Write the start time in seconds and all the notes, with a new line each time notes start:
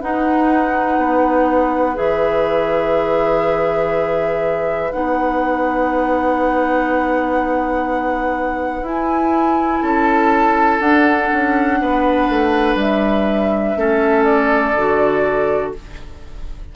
0.00 D#4 B4 F#5
0.98 B3
1.95 E3 G#4 E5
4.92 B3 D#4 F#5
8.82 E4 G#5
9.82 C#4 A4 A5
10.80 D4 F#5
11.33 C#4
11.81 B3 B4
12.29 A3
12.75 G3 E5
13.77 A3 C#4 A4
14.24 D5
14.76 D3 F#4